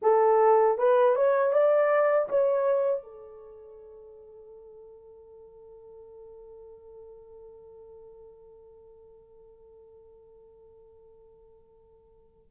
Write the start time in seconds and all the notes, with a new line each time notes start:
0.02 A4
0.78 B4
1.15 C#5
1.52 D5
2.29 C#5
3.03 A4